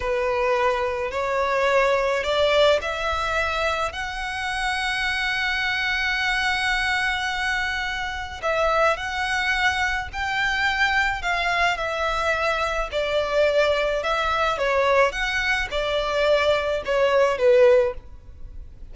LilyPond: \new Staff \with { instrumentName = "violin" } { \time 4/4 \tempo 4 = 107 b'2 cis''2 | d''4 e''2 fis''4~ | fis''1~ | fis''2. e''4 |
fis''2 g''2 | f''4 e''2 d''4~ | d''4 e''4 cis''4 fis''4 | d''2 cis''4 b'4 | }